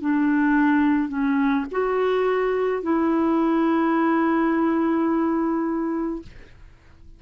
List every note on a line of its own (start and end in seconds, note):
0.00 1.08 D4
1.08 1.65 C#4
1.71 2.82 F#4
2.82 6.22 E4